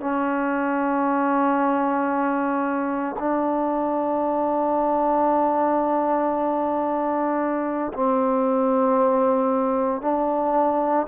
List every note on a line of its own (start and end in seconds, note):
0.00 3.16 C#4
3.19 7.93 D4
7.93 10.01 C4
10.01 11.07 D4